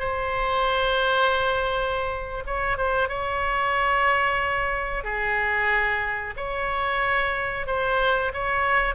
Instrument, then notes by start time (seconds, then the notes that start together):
oboe
0.00 C5
2.47 C#5
2.78 C5
3.09 C#5
5.04 G#4
6.37 C#5
7.67 C5
8.34 C#5